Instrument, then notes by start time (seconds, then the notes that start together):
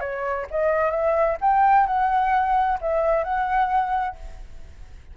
flute
0.00 C#5
0.51 D#5
0.91 E5
1.41 G5
1.86 F#5
2.81 E5
3.23 F#5